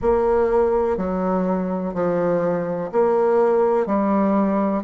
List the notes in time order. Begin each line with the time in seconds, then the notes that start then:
0.01 A#3
0.97 F#3
1.94 F3
2.92 A#3
3.86 G3